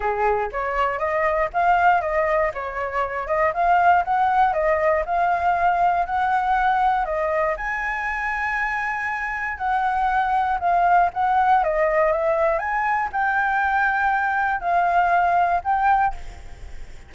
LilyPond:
\new Staff \with { instrumentName = "flute" } { \time 4/4 \tempo 4 = 119 gis'4 cis''4 dis''4 f''4 | dis''4 cis''4. dis''8 f''4 | fis''4 dis''4 f''2 | fis''2 dis''4 gis''4~ |
gis''2. fis''4~ | fis''4 f''4 fis''4 dis''4 | e''4 gis''4 g''2~ | g''4 f''2 g''4 | }